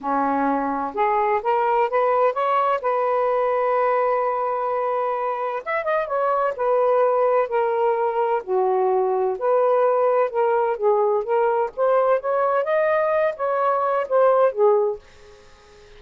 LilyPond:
\new Staff \with { instrumentName = "saxophone" } { \time 4/4 \tempo 4 = 128 cis'2 gis'4 ais'4 | b'4 cis''4 b'2~ | b'1 | e''8 dis''8 cis''4 b'2 |
ais'2 fis'2 | b'2 ais'4 gis'4 | ais'4 c''4 cis''4 dis''4~ | dis''8 cis''4. c''4 gis'4 | }